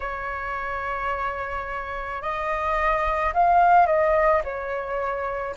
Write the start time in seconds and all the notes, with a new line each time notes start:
0.00 C#5
2.22 D#5
3.33 F5
3.86 D#5
4.44 C#5